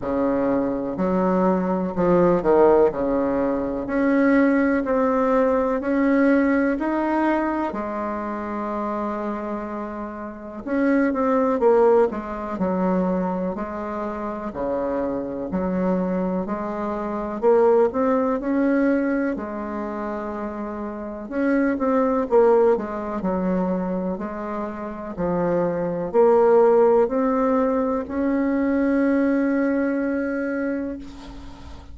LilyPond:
\new Staff \with { instrumentName = "bassoon" } { \time 4/4 \tempo 4 = 62 cis4 fis4 f8 dis8 cis4 | cis'4 c'4 cis'4 dis'4 | gis2. cis'8 c'8 | ais8 gis8 fis4 gis4 cis4 |
fis4 gis4 ais8 c'8 cis'4 | gis2 cis'8 c'8 ais8 gis8 | fis4 gis4 f4 ais4 | c'4 cis'2. | }